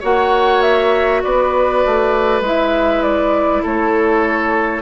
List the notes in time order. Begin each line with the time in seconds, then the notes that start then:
0.00 A#3 F#4 C#5 F#5
0.61 E5
1.22 B3 B4 D5
1.85 A3
2.41 G#3 E4 E5
3.02 D5
3.63 A3 A4 C#5